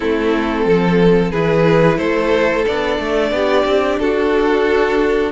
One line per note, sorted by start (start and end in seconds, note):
0.00 0.65 A3
0.00 1.33 C4
0.00 0.66 E4
0.00 1.31 A4
0.65 1.32 F3
0.65 1.31 A4
1.31 1.98 E3
1.31 2.66 E4
1.31 1.97 G#4
1.31 1.98 B4
1.97 2.65 A3
1.97 3.31 A4
1.97 2.64 C5
2.66 2.98 B3
2.66 5.32 D4
2.66 3.99 D5
2.98 3.31 A3
3.31 3.64 B3
3.31 4.01 G4
3.65 3.98 C4
3.99 5.32 D4
3.99 5.32 F#4
3.99 5.32 A4